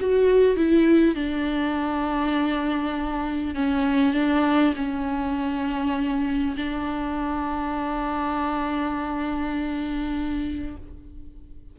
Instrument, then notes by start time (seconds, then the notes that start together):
viola
0.00 F#4
0.56 E4
1.15 D4
3.55 C#4
4.13 D4
4.75 C#4
6.56 D4